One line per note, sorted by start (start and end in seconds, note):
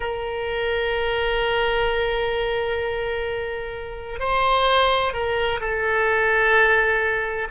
0.00 4.19 A#4
4.19 5.13 C5
5.13 5.60 A#4
5.60 7.47 A4